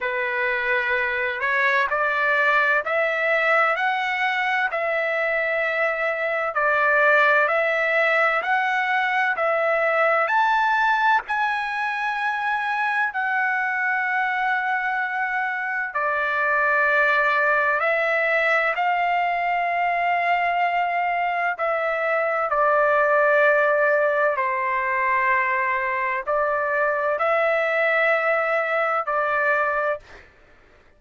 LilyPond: \new Staff \with { instrumentName = "trumpet" } { \time 4/4 \tempo 4 = 64 b'4. cis''8 d''4 e''4 | fis''4 e''2 d''4 | e''4 fis''4 e''4 a''4 | gis''2 fis''2~ |
fis''4 d''2 e''4 | f''2. e''4 | d''2 c''2 | d''4 e''2 d''4 | }